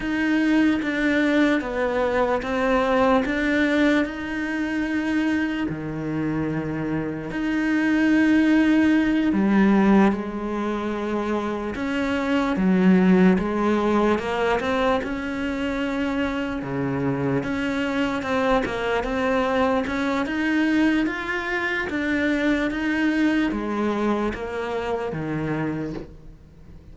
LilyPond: \new Staff \with { instrumentName = "cello" } { \time 4/4 \tempo 4 = 74 dis'4 d'4 b4 c'4 | d'4 dis'2 dis4~ | dis4 dis'2~ dis'8 g8~ | g8 gis2 cis'4 fis8~ |
fis8 gis4 ais8 c'8 cis'4.~ | cis'8 cis4 cis'4 c'8 ais8 c'8~ | c'8 cis'8 dis'4 f'4 d'4 | dis'4 gis4 ais4 dis4 | }